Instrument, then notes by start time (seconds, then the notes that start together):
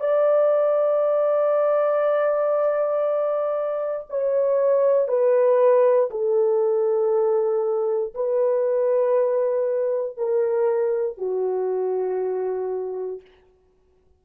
horn
0.00 D5
4.10 C#5
5.08 B4
6.11 A4
8.14 B4
10.17 A#4
11.18 F#4